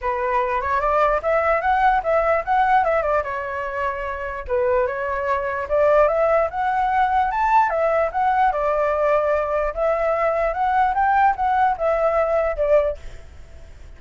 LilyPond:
\new Staff \with { instrumentName = "flute" } { \time 4/4 \tempo 4 = 148 b'4. cis''8 d''4 e''4 | fis''4 e''4 fis''4 e''8 d''8 | cis''2. b'4 | cis''2 d''4 e''4 |
fis''2 a''4 e''4 | fis''4 d''2. | e''2 fis''4 g''4 | fis''4 e''2 d''4 | }